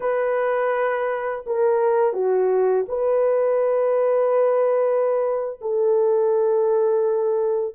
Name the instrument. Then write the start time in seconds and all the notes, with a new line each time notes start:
horn
0.00 B4
1.46 A#4
2.13 F#4
2.88 B4
5.61 A4